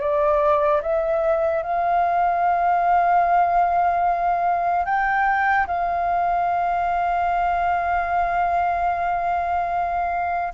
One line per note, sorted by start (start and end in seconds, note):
0.00 0.81 D5
0.82 1.63 E5
1.63 4.85 F5
4.85 5.66 G5
5.67 10.53 F5